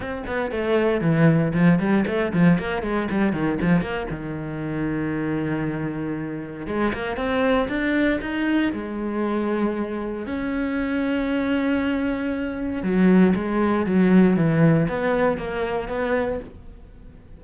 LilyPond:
\new Staff \with { instrumentName = "cello" } { \time 4/4 \tempo 4 = 117 c'8 b8 a4 e4 f8 g8 | a8 f8 ais8 gis8 g8 dis8 f8 ais8 | dis1~ | dis4 gis8 ais8 c'4 d'4 |
dis'4 gis2. | cis'1~ | cis'4 fis4 gis4 fis4 | e4 b4 ais4 b4 | }